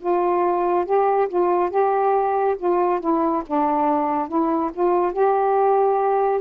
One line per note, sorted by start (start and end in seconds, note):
0.00 0.85 F4
0.85 1.28 G4
1.29 1.71 F4
1.71 2.56 G4
2.59 3.00 F4
3.00 3.43 E4
3.47 4.28 D4
4.28 4.71 E4
4.74 5.13 F4
5.13 6.41 G4